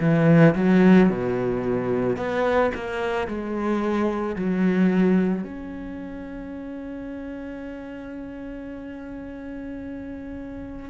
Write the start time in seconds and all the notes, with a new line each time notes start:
0.00 E3
0.55 F#3
1.10 B2
2.17 B3
2.75 A#3
3.27 G#3
4.35 F#3
5.44 C#4